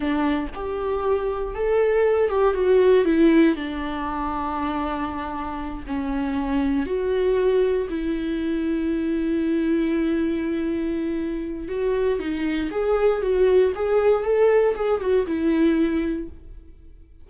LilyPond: \new Staff \with { instrumentName = "viola" } { \time 4/4 \tempo 4 = 118 d'4 g'2 a'4~ | a'8 g'8 fis'4 e'4 d'4~ | d'2.~ d'8 cis'8~ | cis'4. fis'2 e'8~ |
e'1~ | e'2. fis'4 | dis'4 gis'4 fis'4 gis'4 | a'4 gis'8 fis'8 e'2 | }